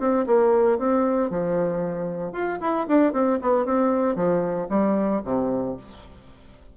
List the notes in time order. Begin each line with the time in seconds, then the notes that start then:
0.00 C4
0.27 A#3
0.79 C4
1.30 F3
2.33 F4
2.61 E4
2.88 D4
3.13 C4
3.42 B3
3.66 C4
4.16 F3
4.70 G3
5.25 C3